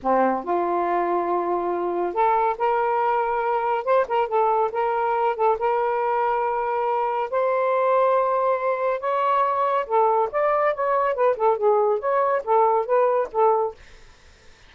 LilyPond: \new Staff \with { instrumentName = "saxophone" } { \time 4/4 \tempo 4 = 140 c'4 f'2.~ | f'4 a'4 ais'2~ | ais'4 c''8 ais'8 a'4 ais'4~ | ais'8 a'8 ais'2.~ |
ais'4 c''2.~ | c''4 cis''2 a'4 | d''4 cis''4 b'8 a'8 gis'4 | cis''4 a'4 b'4 a'4 | }